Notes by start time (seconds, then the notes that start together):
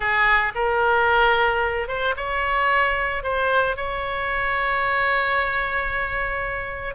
0.00 G#4
0.55 A#4
1.87 C5
2.16 C#5
3.23 C5
3.76 C#5